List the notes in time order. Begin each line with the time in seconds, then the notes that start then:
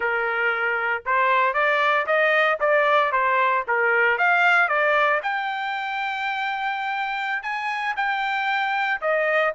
0.00 A#4
1.05 C5
1.53 D5
2.06 D#5
2.59 D5
3.12 C5
3.67 A#4
4.17 F5
4.68 D5
5.22 G5
7.42 G#5
7.96 G5
9.01 D#5